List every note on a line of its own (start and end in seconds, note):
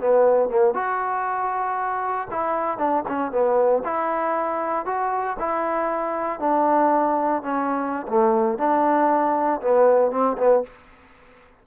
0.00 0.49 B3
0.49 0.74 A#3
0.74 2.28 F#4
2.31 2.78 E4
2.78 3.04 D4
3.08 3.31 C#4
3.31 3.83 B3
3.84 4.86 E4
4.86 5.37 F#4
5.39 6.40 E4
6.40 7.42 D4
7.43 8.07 C#4
8.07 8.58 A3
8.58 9.61 D4
9.61 10.11 B3
10.11 10.37 C4
10.38 10.63 B3